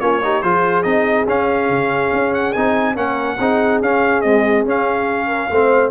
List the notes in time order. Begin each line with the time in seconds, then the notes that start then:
0.00 A#3 C#4 F4 C#5
0.23 D#4 G4
0.42 F3 F4 G#4 C5
0.83 C4 D#4 D#5
1.27 C#4 F5
1.69 C#3
2.12 C#4
2.34 F#5
2.53 C4 D#4 G#5
2.95 A#3 C#4 A#4 F#5
3.38 C4 D#4 G#4
3.81 C#4 F5
4.21 G#3 C4 D#5
4.65 C#4 F5
5.27 A#4
5.50 A3 C4 C5